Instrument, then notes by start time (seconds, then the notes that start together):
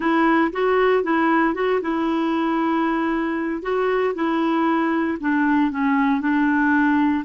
clarinet
0.00 E4
0.52 F#4
1.03 E4
1.54 F#4
1.81 E4
3.62 F#4
4.14 E4
5.20 D4
5.71 C#4
6.20 D4